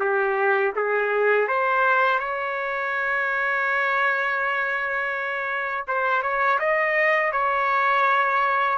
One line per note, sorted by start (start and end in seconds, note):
0.00 0.73 G4
0.75 1.48 G#4
1.48 2.19 C5
2.19 5.85 C#5
5.87 6.22 C5
6.22 6.59 C#5
6.59 7.32 D#5
7.32 8.78 C#5